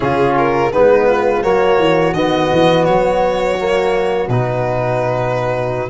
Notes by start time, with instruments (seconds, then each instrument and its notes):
0.00 tuba C#3, trombone C#4, flute F4, violin G#4
0.37 violin A#4
0.72 tuba G#3, trombone B3, flute D#4, violin B4
1.08 flute F4
1.42 tuba F#3, trombone A#3, flute F#4, violin C#5
1.78 tuba E3
2.13 tuba D#3, trombone B3, violin D#5
2.52 tuba E3
2.85 tuba F#3, violin C#5
3.57 trombone A#3
4.28 tuba B2, trombone D#4, violin B4